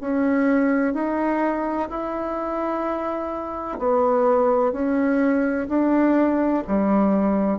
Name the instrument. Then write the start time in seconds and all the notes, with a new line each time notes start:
bassoon
0.00 C#4
0.93 D#4
1.89 E4
3.78 B3
4.72 C#4
5.68 D4
6.67 G3